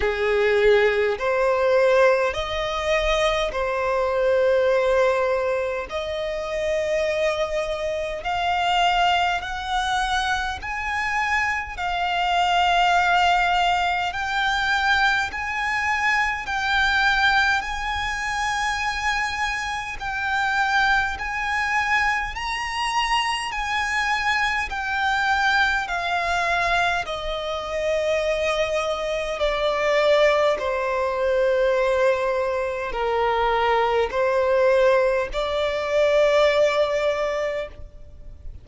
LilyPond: \new Staff \with { instrumentName = "violin" } { \time 4/4 \tempo 4 = 51 gis'4 c''4 dis''4 c''4~ | c''4 dis''2 f''4 | fis''4 gis''4 f''2 | g''4 gis''4 g''4 gis''4~ |
gis''4 g''4 gis''4 ais''4 | gis''4 g''4 f''4 dis''4~ | dis''4 d''4 c''2 | ais'4 c''4 d''2 | }